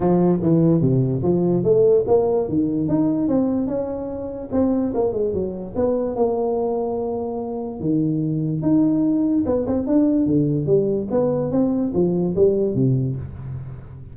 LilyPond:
\new Staff \with { instrumentName = "tuba" } { \time 4/4 \tempo 4 = 146 f4 e4 c4 f4 | a4 ais4 dis4 dis'4 | c'4 cis'2 c'4 | ais8 gis8 fis4 b4 ais4~ |
ais2. dis4~ | dis4 dis'2 b8 c'8 | d'4 d4 g4 b4 | c'4 f4 g4 c4 | }